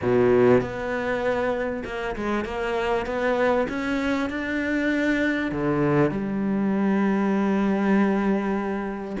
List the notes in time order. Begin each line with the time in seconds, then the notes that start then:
0.02 B2
0.60 B3
1.85 A#3
2.16 G#3
2.45 A#3
3.06 B3
3.68 C#4
4.29 D4
5.51 D3
6.11 G3